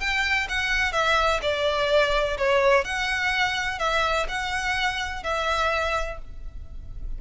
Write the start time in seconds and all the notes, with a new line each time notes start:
0.00 G5
0.49 F#5
0.92 E5
1.42 D5
2.37 C#5
2.84 F#5
3.79 E5
4.28 F#5
5.23 E5